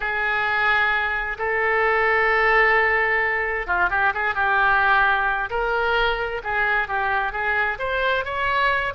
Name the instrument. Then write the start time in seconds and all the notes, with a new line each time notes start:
oboe
0.00 G#4
1.38 A4
3.66 F4
3.90 G4
4.14 G#4
4.34 G4
5.50 A#4
6.43 G#4
6.88 G4
7.32 G#4
7.79 C5
8.24 C#5